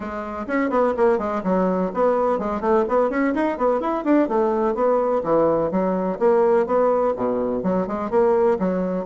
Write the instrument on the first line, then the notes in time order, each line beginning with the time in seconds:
bassoon
0.00 G#3
0.47 C#4
0.69 B3
0.96 A#3
1.18 G#3
1.43 F#3
1.94 B3
2.39 G#3
2.61 A3
2.88 B3
3.10 C#4
3.34 D#4
3.57 B3
3.80 E4
4.04 D4
4.28 A3
4.74 B3
5.23 E3
5.71 F#3
6.19 A#3
6.66 B3
7.16 B2
7.63 F#3
7.87 G#3
8.10 A#3
8.59 F#3